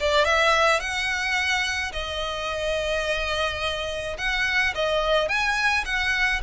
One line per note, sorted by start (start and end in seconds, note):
0.00 0.25 D5
0.25 0.80 E5
0.80 1.92 F#5
1.92 4.17 D#5
4.18 4.74 F#5
4.75 5.28 D#5
5.28 5.84 G#5
5.85 6.41 F#5